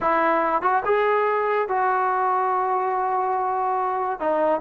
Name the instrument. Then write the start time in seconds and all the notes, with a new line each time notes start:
trombone
0.00 E4
0.62 F#4
0.85 G#4
1.68 F#4
4.20 D#4